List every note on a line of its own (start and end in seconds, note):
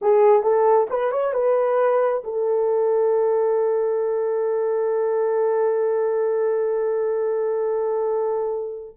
0.01 0.42 G#4
0.42 0.87 A4
0.90 1.11 B4
1.11 1.33 C#5
1.33 2.23 B4
2.24 8.96 A4